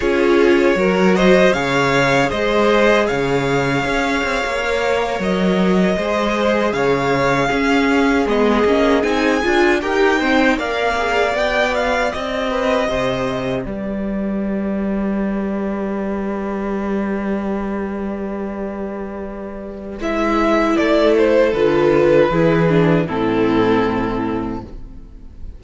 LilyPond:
<<
  \new Staff \with { instrumentName = "violin" } { \time 4/4 \tempo 4 = 78 cis''4. dis''8 f''4 dis''4 | f''2~ f''8. dis''4~ dis''16~ | dis''8. f''2 dis''4 gis''16~ | gis''8. g''4 f''4 g''8 f''8 dis''16~ |
dis''4.~ dis''16 d''2~ d''16~ | d''1~ | d''2 e''4 d''8 c''8 | b'2 a'2 | }
  \new Staff \with { instrumentName = "violin" } { \time 4/4 gis'4 ais'8 c''8 cis''4 c''4 | cis''2.~ cis''8. c''16~ | c''8. cis''4 gis'2~ gis'16~ | gis'8. ais'8 c''8 d''2~ d''16~ |
d''16 b'8 c''4 b'2~ b'16~ | b'1~ | b'2. a'4~ | a'4 gis'4 e'2 | }
  \new Staff \with { instrumentName = "viola" } { \time 4/4 f'4 fis'4 gis'2~ | gis'2 ais'4.~ ais'16 gis'16~ | gis'4.~ gis'16 cis'4 b8 cis'8 dis'16~ | dis'16 f'8 g'8 c'8 ais'8 gis'8 g'4~ g'16~ |
g'1~ | g'1~ | g'2 e'2 | f'4 e'8 d'8 c'2 | }
  \new Staff \with { instrumentName = "cello" } { \time 4/4 cis'4 fis4 cis4 gis4 | cis4 cis'8 c'16 ais4 fis4 gis16~ | gis8. cis4 cis'4 gis8 ais8 c'16~ | c'16 d'8 dis'4 ais4 b4 c'16~ |
c'8. c4 g2~ g16~ | g1~ | g2 gis4 a4 | d4 e4 a,2 | }
>>